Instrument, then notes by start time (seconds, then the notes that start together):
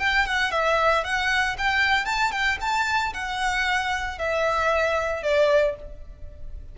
violin
0.00 G5
0.27 F#5
0.52 E5
1.04 F#5
1.59 G5
2.06 A5
2.32 G5
2.61 A5
3.14 F#5
4.19 E5
5.23 D5